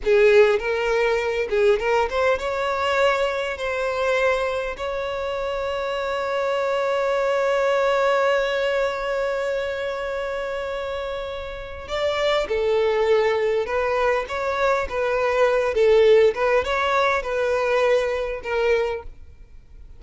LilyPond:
\new Staff \with { instrumentName = "violin" } { \time 4/4 \tempo 4 = 101 gis'4 ais'4. gis'8 ais'8 c''8 | cis''2 c''2 | cis''1~ | cis''1~ |
cis''1 | d''4 a'2 b'4 | cis''4 b'4. a'4 b'8 | cis''4 b'2 ais'4 | }